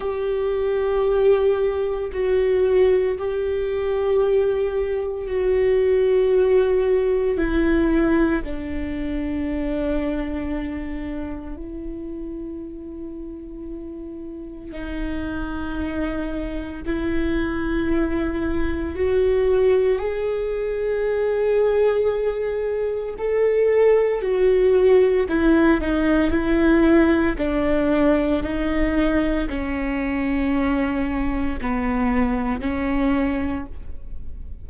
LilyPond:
\new Staff \with { instrumentName = "viola" } { \time 4/4 \tempo 4 = 57 g'2 fis'4 g'4~ | g'4 fis'2 e'4 | d'2. e'4~ | e'2 dis'2 |
e'2 fis'4 gis'4~ | gis'2 a'4 fis'4 | e'8 dis'8 e'4 d'4 dis'4 | cis'2 b4 cis'4 | }